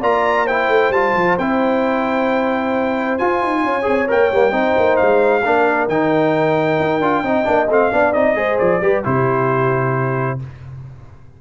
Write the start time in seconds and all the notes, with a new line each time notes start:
0.00 A#3 F4 D5 A#5
0.45 E4 C5 G5
0.68 A3
0.90 G3 F4 A5
1.14 F3
1.38 C4 E4 G5
3.18 F4 G#5
3.42 D#4
3.63 C#4 C#5
3.82 C4 G#4
4.08 A#3 A#4 G5
4.31 G3 A#3
4.51 C4 D#4 C5
4.77 A#3
4.97 G#3 F5
5.44 A#3 D4 A#4
5.88 D#3 D#4 G5
6.80 D#4
7.00 D4 F4
7.23 C4 D#4 D#5
7.44 A#3 D4
7.68 A3 C4 F5
7.92 B3 D4 D5
8.13 C4 D#4 D#5
8.35 G#3 G#4 C5
8.58 F3 D5
8.81 G3 G4 B4
9.03 C3 E4 G4 C5